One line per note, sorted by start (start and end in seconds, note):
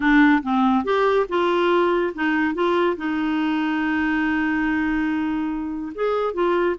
0.00 0.42 D4
0.42 0.84 C4
0.84 1.26 G4
1.28 2.13 F4
2.14 2.54 D#4
2.54 2.96 F4
2.96 5.92 D#4
5.94 6.33 G#4
6.33 6.75 F4